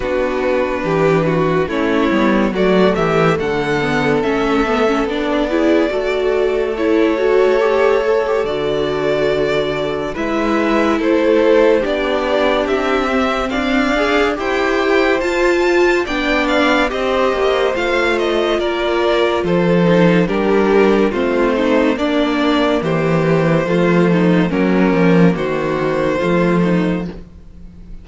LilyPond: <<
  \new Staff \with { instrumentName = "violin" } { \time 4/4 \tempo 4 = 71 b'2 cis''4 d''8 e''8 | fis''4 e''4 d''2 | cis''2 d''2 | e''4 c''4 d''4 e''4 |
f''4 g''4 a''4 g''8 f''8 | dis''4 f''8 dis''8 d''4 c''4 | ais'4 c''4 d''4 c''4~ | c''4 ais'4 c''2 | }
  \new Staff \with { instrumentName = "violin" } { \time 4/4 fis'4 g'8 fis'8 e'4 fis'8 g'8 | a'2~ a'8 gis'8 a'4~ | a'1 | b'4 a'4 g'2 |
d''4 c''2 d''4 | c''2 ais'4 a'4 | g'4 f'8 dis'8 d'4 g'4 | f'8 dis'8 cis'4 fis'4 f'8 dis'8 | }
  \new Staff \with { instrumentName = "viola" } { \time 4/4 d'2 cis'8 b8 a4~ | a8 b8 cis'8 b16 cis'16 d'8 e'8 fis'4 | e'8 fis'8 g'8 a'16 g'16 fis'2 | e'2 d'4. c'8~ |
c'8 gis'8 g'4 f'4 d'4 | g'4 f'2~ f'8 dis'8 | d'4 c'4 ais2 | a4 ais2 a4 | }
  \new Staff \with { instrumentName = "cello" } { \time 4/4 b4 e4 a8 g8 fis8 e8 | d4 a4 b4 a4~ | a2 d2 | gis4 a4 b4 c'4 |
d'4 e'4 f'4 b4 | c'8 ais8 a4 ais4 f4 | g4 a4 ais4 e4 | f4 fis8 f8 dis4 f4 | }
>>